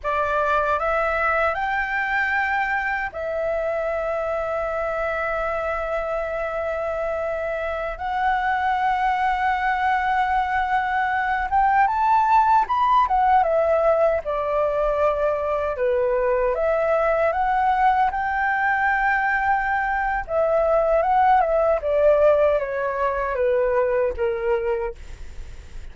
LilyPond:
\new Staff \with { instrumentName = "flute" } { \time 4/4 \tempo 4 = 77 d''4 e''4 g''2 | e''1~ | e''2~ e''16 fis''4.~ fis''16~ | fis''2~ fis''8. g''8 a''8.~ |
a''16 b''8 fis''8 e''4 d''4.~ d''16~ | d''16 b'4 e''4 fis''4 g''8.~ | g''2 e''4 fis''8 e''8 | d''4 cis''4 b'4 ais'4 | }